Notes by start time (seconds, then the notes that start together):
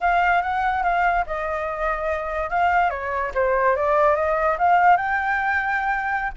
0.00 F5
0.42 F#5
0.83 F5
1.26 D#5
2.49 F5
2.90 C#5
3.34 C5
3.76 D5
4.15 D#5
4.58 F5
4.97 G5